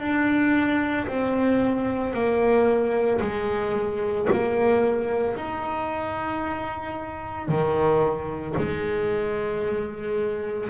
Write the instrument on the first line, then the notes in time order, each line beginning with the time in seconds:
double bass
0.00 D4
1.08 C4
2.14 A#3
3.21 G#3
4.32 A#3
5.37 D#4
7.49 D#3
8.58 G#3